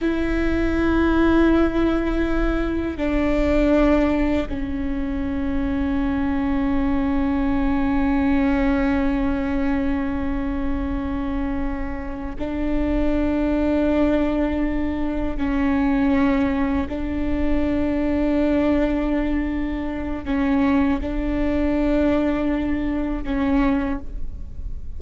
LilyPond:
\new Staff \with { instrumentName = "viola" } { \time 4/4 \tempo 4 = 80 e'1 | d'2 cis'2~ | cis'1~ | cis'1~ |
cis'8 d'2.~ d'8~ | d'8 cis'2 d'4.~ | d'2. cis'4 | d'2. cis'4 | }